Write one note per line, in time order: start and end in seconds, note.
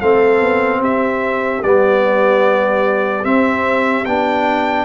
0.00 0.40 A3
0.00 1.63 C4
0.00 0.80 A4
0.00 0.82 F5
0.40 0.81 B3
0.80 1.62 C4
0.80 4.85 G4
0.80 1.63 E5
1.63 3.25 G3
1.63 3.24 B3
1.63 3.24 D5
3.24 4.05 C4
3.24 4.06 C4
3.24 4.05 E5
4.05 4.85 B3
4.05 4.85 D4
4.05 4.85 G5